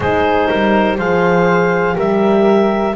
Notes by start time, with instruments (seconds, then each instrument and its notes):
0.00 double bass G#3, horn D#4, flute G#4, clarinet C5
0.47 double bass G3, flute A#4
0.97 double bass F3, horn G#4, flute C5, clarinet F5
1.94 double bass G3, horn G4, flute A#4, clarinet E5